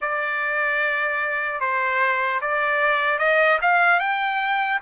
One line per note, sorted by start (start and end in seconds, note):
0.01 1.60 D5
1.60 2.40 C5
2.41 3.19 D5
3.19 3.59 D#5
3.61 3.99 F5
3.99 4.79 G5